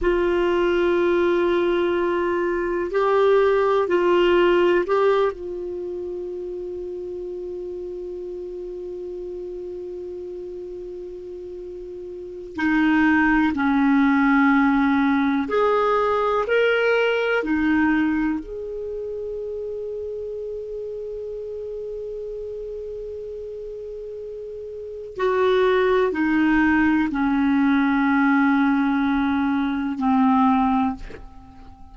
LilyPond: \new Staff \with { instrumentName = "clarinet" } { \time 4/4 \tempo 4 = 62 f'2. g'4 | f'4 g'8 f'2~ f'8~ | f'1~ | f'4 dis'4 cis'2 |
gis'4 ais'4 dis'4 gis'4~ | gis'1~ | gis'2 fis'4 dis'4 | cis'2. c'4 | }